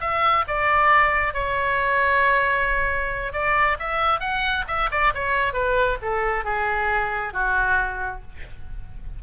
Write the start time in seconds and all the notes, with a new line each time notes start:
0.00 E5
0.47 D5
1.33 C#5
3.33 D5
3.79 E5
4.20 F#5
4.67 E5
4.91 D5
5.14 C#5
5.53 B4
6.02 A4
6.44 G#4
7.33 F#4